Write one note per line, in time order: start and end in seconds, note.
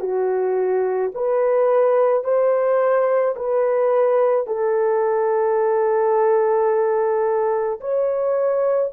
0.00 1.11 F#4
1.14 2.24 B4
2.24 3.35 C5
3.36 4.47 B4
4.47 7.80 A4
7.80 8.91 C#5